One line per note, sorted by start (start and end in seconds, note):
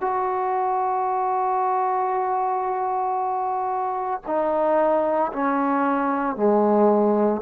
0.00 4.21 F#4
4.26 5.32 D#4
5.32 6.36 C#4
6.36 7.41 G#3